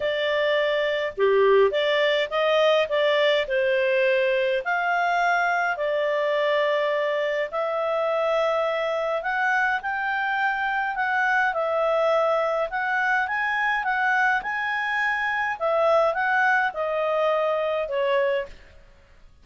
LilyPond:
\new Staff \with { instrumentName = "clarinet" } { \time 4/4 \tempo 4 = 104 d''2 g'4 d''4 | dis''4 d''4 c''2 | f''2 d''2~ | d''4 e''2. |
fis''4 g''2 fis''4 | e''2 fis''4 gis''4 | fis''4 gis''2 e''4 | fis''4 dis''2 cis''4 | }